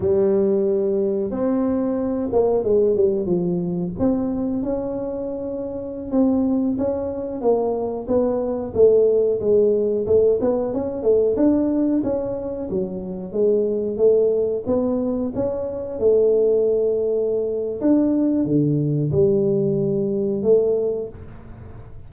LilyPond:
\new Staff \with { instrumentName = "tuba" } { \time 4/4 \tempo 4 = 91 g2 c'4. ais8 | gis8 g8 f4 c'4 cis'4~ | cis'4~ cis'16 c'4 cis'4 ais8.~ | ais16 b4 a4 gis4 a8 b16~ |
b16 cis'8 a8 d'4 cis'4 fis8.~ | fis16 gis4 a4 b4 cis'8.~ | cis'16 a2~ a8. d'4 | d4 g2 a4 | }